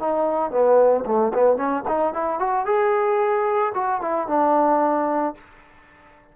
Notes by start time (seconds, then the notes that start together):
0.00 D#4
0.51 B3
1.06 A3
1.34 B3
1.57 C#4
1.88 D#4
2.14 E4
2.40 F#4
2.66 G#4
3.75 F#4
4.01 E4
4.28 D4